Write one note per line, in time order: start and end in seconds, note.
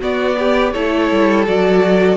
0.00 0.73 B3
0.00 0.75 B3
0.00 0.36 F#4
0.00 0.73 D5
0.39 0.73 G4
0.73 1.11 A3
0.73 1.46 E4
0.73 2.17 A4
0.73 1.45 C#5
1.11 1.47 G3
1.46 2.17 F#3
1.46 2.17 F#4
1.46 2.17 D5